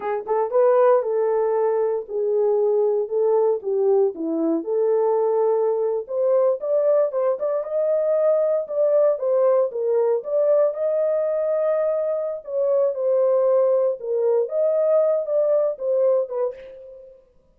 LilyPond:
\new Staff \with { instrumentName = "horn" } { \time 4/4 \tempo 4 = 116 gis'8 a'8 b'4 a'2 | gis'2 a'4 g'4 | e'4 a'2~ a'8. c''16~ | c''8. d''4 c''8 d''8 dis''4~ dis''16~ |
dis''8. d''4 c''4 ais'4 d''16~ | d''8. dis''2.~ dis''16 | cis''4 c''2 ais'4 | dis''4. d''4 c''4 b'8 | }